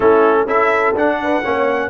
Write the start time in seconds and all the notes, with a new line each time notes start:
0.00 A3 C#4 E4 A4
0.46 C#4 E4 A4 E5
0.94 D4 F#5
1.22 B4
1.43 A#3 C#4 C#5